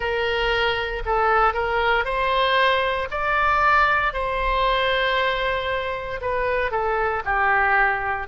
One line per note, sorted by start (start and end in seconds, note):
0.00 1.03 A#4
1.05 1.53 A4
1.53 2.05 A#4
2.05 3.08 C5
3.10 4.13 D5
4.13 6.20 C5
6.21 6.71 B4
6.71 7.22 A4
7.25 8.28 G4